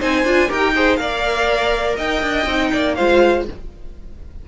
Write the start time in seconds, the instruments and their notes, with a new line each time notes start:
0.00 cello C4, viola D#4, violin C5 G#5
0.25 cello D4, viola F4
0.49 cello D#4, viola G4, violin A#4 G5
0.75 viola G#4, violin C5
0.97 cello A#3, viola A#4, violin D5 F5
1.97 cello D#4, violin D#5 G5
2.23 cello D4
2.46 cello C4, viola D#4
2.73 cello A#3, violin D5
2.95 cello G#3, viola F4, violin C5 F5